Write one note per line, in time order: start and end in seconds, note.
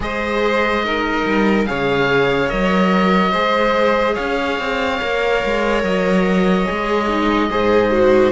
0.00 1.23 G#3
0.00 0.83 G#4
0.00 0.84 C5
0.00 1.65 D#5
0.84 1.66 D#4
0.84 1.68 A#4
1.25 1.67 G3
1.65 2.52 C#3
1.65 2.48 G#4
1.65 3.31 C#5
1.65 2.49 F5
2.48 3.33 F#3
2.48 3.32 A#4
2.48 4.15 D#5
3.31 4.16 G#3
3.31 5.00 G#4
3.31 4.14 C5
4.14 4.59 C#4
4.14 7.47 C#5
4.14 5.81 F5
4.59 5.01 C4
5.00 5.43 A#3
5.00 6.65 A#4
5.44 5.83 G#3
5.83 6.66 F#3
5.83 8.31 D#5
6.65 7.50 G#3
6.65 7.07 G#4
7.08 7.49 D#4
7.49 8.31 G#2
7.49 7.91 G#4
7.49 8.31 C5
7.91 8.31 F#4